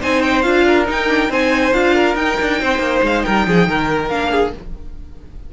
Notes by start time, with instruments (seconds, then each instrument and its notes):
0.00 cello C4, viola D#4, violin C5 G#5
0.21 violin G5
0.41 cello D4, viola F4, violin F5
0.66 violin A#4
0.85 viola D#4, cello D#4, violin G5
1.07 viola D4
1.29 cello C4, viola D#4, violin C5 G#5
1.73 cello D4, viola F4, violin F5
1.95 violin A#4
2.15 cello D#4, viola D#4, violin G5
2.40 cello D4
2.60 cello C4, violin C5
2.79 cello A#3
3.02 cello G#3, violin F5
3.23 cello G3, violin A#4 G5
3.47 cello F3, violin G#4
3.67 cello D#3, violin A#4
4.08 cello A#3, viola D4, violin F5
4.30 violin G#4